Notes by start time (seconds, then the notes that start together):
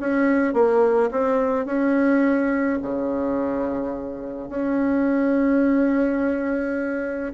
0.00 C#4
0.54 A#3
1.11 C4
1.65 C#4
2.82 C#3
4.49 C#4